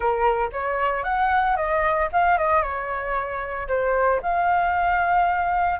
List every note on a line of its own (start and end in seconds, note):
0.00 0.50 A#4
0.52 1.03 C#5
1.03 1.56 F#5
1.56 2.08 D#5
2.12 2.38 F5
2.38 2.62 D#5
2.62 3.67 C#5
3.68 4.20 C5
4.22 5.79 F5